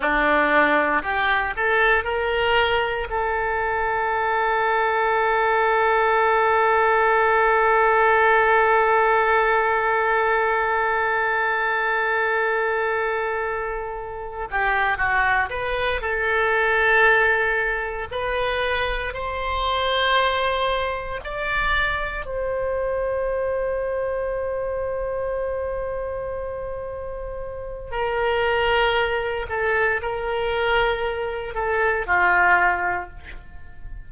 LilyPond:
\new Staff \with { instrumentName = "oboe" } { \time 4/4 \tempo 4 = 58 d'4 g'8 a'8 ais'4 a'4~ | a'1~ | a'1~ | a'2 g'8 fis'8 b'8 a'8~ |
a'4. b'4 c''4.~ | c''8 d''4 c''2~ c''8~ | c''2. ais'4~ | ais'8 a'8 ais'4. a'8 f'4 | }